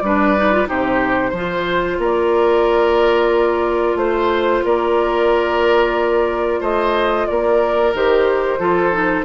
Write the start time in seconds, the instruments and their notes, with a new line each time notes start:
0.00 bassoon G3, clarinet D4, oboe B4, flute D5
0.37 clarinet D#4
0.52 clarinet F4
0.67 bassoon C3, clarinet D#4, oboe G4, flute C5
1.30 bassoon F3, clarinet F4, oboe C5
1.98 bassoon A#3, oboe A#4
2.04 flute D5
3.95 bassoon A3, oboe C5, flute C5
4.64 bassoon A#3, oboe A#4, flute D5
6.60 bassoon A3, oboe C5, flute D#5
7.27 bassoon A#3, oboe A#4, flute D5
7.94 bassoon D#3, clarinet G4, flute C5
8.59 bassoon F3, clarinet F4, oboe A4
8.92 clarinet D#4